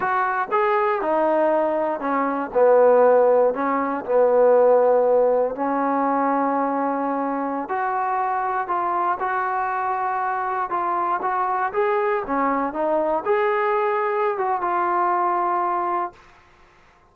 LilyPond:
\new Staff \with { instrumentName = "trombone" } { \time 4/4 \tempo 4 = 119 fis'4 gis'4 dis'2 | cis'4 b2 cis'4 | b2. cis'4~ | cis'2.~ cis'16 fis'8.~ |
fis'4~ fis'16 f'4 fis'4.~ fis'16~ | fis'4~ fis'16 f'4 fis'4 gis'8.~ | gis'16 cis'4 dis'4 gis'4.~ gis'16~ | gis'8 fis'8 f'2. | }